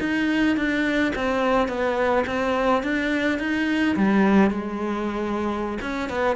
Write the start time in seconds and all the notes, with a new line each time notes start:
0.00 D#4
0.57 D4
1.16 C4
1.68 B3
2.27 C4
2.83 D4
3.39 D#4
3.96 G3
4.51 G#3
5.81 C#4
6.10 B3